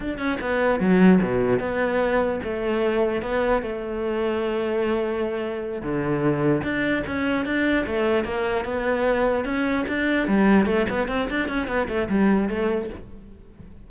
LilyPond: \new Staff \with { instrumentName = "cello" } { \time 4/4 \tempo 4 = 149 d'8 cis'8 b4 fis4 b,4 | b2 a2 | b4 a2.~ | a2~ a8 d4.~ |
d8 d'4 cis'4 d'4 a8~ | a8 ais4 b2 cis'8~ | cis'8 d'4 g4 a8 b8 c'8 | d'8 cis'8 b8 a8 g4 a4 | }